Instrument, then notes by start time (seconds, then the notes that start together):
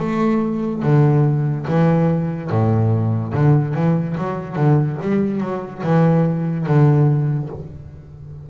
double bass
0.00 A3
0.83 D3
1.68 E3
2.50 A2
3.34 D3
3.74 E3
4.17 F#3
4.56 D3
5.02 G3
5.40 F#3
5.83 E3
6.66 D3